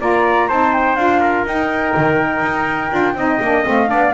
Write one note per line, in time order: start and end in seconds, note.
0.00 0.49 A#3
0.00 0.49 F4
0.00 0.48 D5
0.00 0.49 A#5
0.48 0.96 C4
0.48 0.97 D#4
0.48 1.21 C5
0.48 0.73 A5
0.73 0.96 G5
0.96 1.45 D4
0.96 1.46 F4
0.96 1.45 F5
1.21 3.16 A#4
1.45 1.94 D#4
1.45 2.90 D#4
1.45 3.67 G5
1.97 2.42 D#3
2.42 2.91 D#4
2.90 3.15 D4
2.90 3.15 F4
3.15 3.39 C4
3.15 3.41 D#4
3.15 3.89 D#5
3.41 3.66 A#3
3.41 3.65 D4
3.65 3.91 A3
3.65 3.87 C4
3.65 4.14 F5
3.87 4.14 B3
3.87 4.11 D4
3.87 4.14 D5